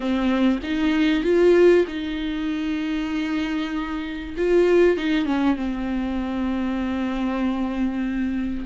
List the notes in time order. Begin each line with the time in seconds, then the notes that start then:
0.00 C4
0.63 D#4
1.23 F4
1.87 D#4
4.37 F4
4.97 D#4
5.25 C#4
5.56 C4